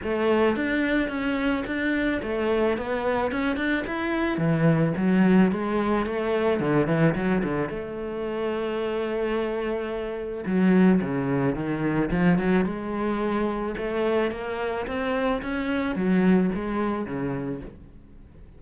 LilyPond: \new Staff \with { instrumentName = "cello" } { \time 4/4 \tempo 4 = 109 a4 d'4 cis'4 d'4 | a4 b4 cis'8 d'8 e'4 | e4 fis4 gis4 a4 | d8 e8 fis8 d8 a2~ |
a2. fis4 | cis4 dis4 f8 fis8 gis4~ | gis4 a4 ais4 c'4 | cis'4 fis4 gis4 cis4 | }